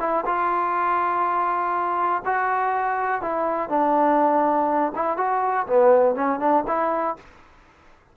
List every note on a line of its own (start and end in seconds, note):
0.00 0.25 E4
0.26 2.23 F4
2.25 3.22 F#4
3.22 3.70 E4
3.70 4.92 D4
4.96 5.18 E4
5.18 5.67 F#4
5.67 6.16 B3
6.16 6.40 C#4
6.40 6.64 D4
6.68 7.17 E4